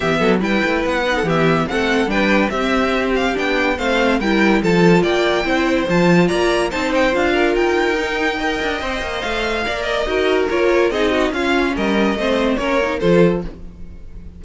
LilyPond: <<
  \new Staff \with { instrumentName = "violin" } { \time 4/4 \tempo 4 = 143 e''4 g''4 fis''4 e''4 | fis''4 g''4 e''4. f''8 | g''4 f''4 g''4 a''4 | g''2 a''4 ais''4 |
a''8 g''8 f''4 g''2~ | g''2 f''4. dis''8~ | dis''4 cis''4 dis''4 f''4 | dis''2 cis''4 c''4 | }
  \new Staff \with { instrumentName = "violin" } { \time 4/4 g'8 a'8 b'4.~ b'16 a'16 g'4 | a'4 b'4 g'2~ | g'4 c''4 ais'4 a'4 | d''4 c''2 d''4 |
c''4. ais'2~ ais'8 | dis''2. d''4 | ais'2 gis'8 fis'8 f'4 | ais'4 c''4 ais'4 a'4 | }
  \new Staff \with { instrumentName = "viola" } { \time 4/4 b4 e'4. dis'8 b4 | c'4 d'4 c'2 | d'4 c'4 e'4 f'4~ | f'4 e'4 f'2 |
dis'4 f'2 dis'4 | ais'4 c''2 ais'4 | fis'4 f'4 dis'4 cis'4~ | cis'4 c'4 cis'8 dis'8 f'4 | }
  \new Staff \with { instrumentName = "cello" } { \time 4/4 e8 fis8 g8 a8 b4 e4 | a4 g4 c'2 | b4 a4 g4 f4 | ais4 c'4 f4 ais4 |
c'4 d'4 dis'2~ | dis'8 d'8 c'8 ais8 a4 ais4 | dis'4 ais4 c'4 cis'4 | g4 a4 ais4 f4 | }
>>